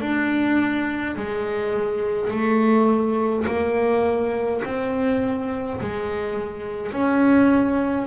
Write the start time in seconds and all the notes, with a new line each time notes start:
0.00 D4
1.16 G#3
2.30 A3
3.47 A#3
4.64 C4
5.81 G#3
6.92 C#4